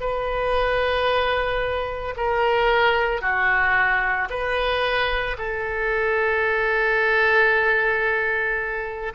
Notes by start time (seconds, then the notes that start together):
0.00 B4
2.17 A#4
3.21 F#4
4.30 B4
5.38 A4